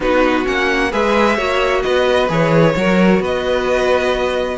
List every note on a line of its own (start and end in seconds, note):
0.00 0.45 B3
0.00 0.44 D#4
0.00 0.91 F#4
0.00 0.47 B4
0.44 0.92 A#3
0.44 0.90 C#4
0.44 0.92 F#5
0.91 1.37 G#3
0.91 1.37 G#4
0.91 1.35 B4
0.91 1.82 E5
1.35 1.83 A#3
1.35 2.28 F#4
1.35 1.81 C#5
1.82 2.29 B3
1.82 2.75 B4
1.82 2.28 D#5
2.29 2.75 E3
2.29 2.74 G#4
2.29 3.23 C#5
2.76 3.19 F#3
2.76 4.57 F#4
2.76 3.21 A#4
3.19 4.56 B3
3.19 4.57 B4
3.19 4.57 D#5